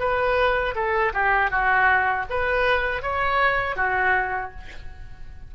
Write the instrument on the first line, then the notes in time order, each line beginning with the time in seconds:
oboe
0.00 B4
0.75 A4
1.14 G4
1.51 F#4
2.30 B4
3.02 C#5
3.76 F#4